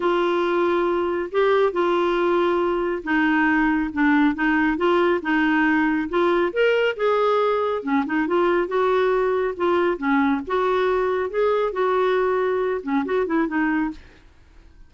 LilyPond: \new Staff \with { instrumentName = "clarinet" } { \time 4/4 \tempo 4 = 138 f'2. g'4 | f'2. dis'4~ | dis'4 d'4 dis'4 f'4 | dis'2 f'4 ais'4 |
gis'2 cis'8 dis'8 f'4 | fis'2 f'4 cis'4 | fis'2 gis'4 fis'4~ | fis'4. cis'8 fis'8 e'8 dis'4 | }